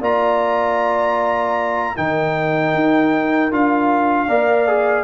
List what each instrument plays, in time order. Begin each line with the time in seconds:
0.00 tuba A#3, trombone F4, horn D5, trumpet A#5
1.95 tuba D#3, trombone D#4, horn A#4, trumpet G5
2.74 tuba D#4
3.51 tuba D4, trombone F4, trumpet F5
4.27 tuba A#3, trombone A#4, horn D5
4.67 trombone G#4